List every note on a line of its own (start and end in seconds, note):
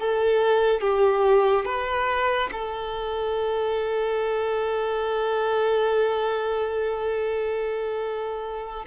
0.00 0.81 A4
0.81 1.66 G4
1.66 2.50 B4
2.52 8.86 A4